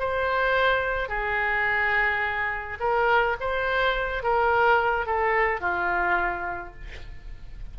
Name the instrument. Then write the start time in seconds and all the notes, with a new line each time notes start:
oboe
0.00 C5
1.09 G#4
2.80 A#4
3.41 C5
4.23 A#4
5.07 A4
5.61 F4